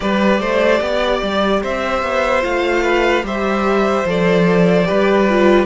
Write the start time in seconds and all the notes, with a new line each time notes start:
0.00 G3 G4 B4 D5
0.40 A3 C5
0.80 B3 D5
1.22 G3
1.62 C4 C5 E5
2.02 B3
2.41 A3 F4 F5
2.82 B4
3.23 G3 G4 C5 E5
4.04 F3 A4 D5
4.85 G3 G4 B4
5.29 F4